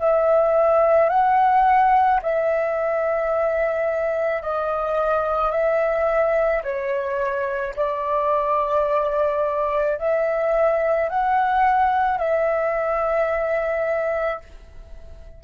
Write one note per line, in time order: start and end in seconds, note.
0.00 1.10 E5
1.10 2.21 F#5
2.23 4.43 E5
4.43 5.52 D#5
5.52 6.63 E5
6.64 7.75 C#5
7.76 9.98 D5
9.99 11.10 E5
11.10 12.19 F#5
12.19 14.41 E5